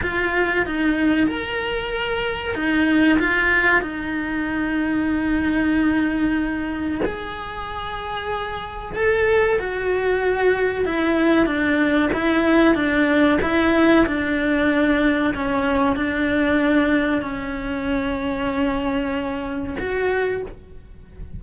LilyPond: \new Staff \with { instrumentName = "cello" } { \time 4/4 \tempo 4 = 94 f'4 dis'4 ais'2 | dis'4 f'4 dis'2~ | dis'2. gis'4~ | gis'2 a'4 fis'4~ |
fis'4 e'4 d'4 e'4 | d'4 e'4 d'2 | cis'4 d'2 cis'4~ | cis'2. fis'4 | }